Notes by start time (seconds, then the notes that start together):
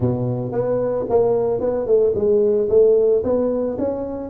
0.00 B2
0.52 B3
1.09 A#3
1.60 B3
1.86 A3
2.15 G#3
2.69 A3
3.23 B3
3.78 C#4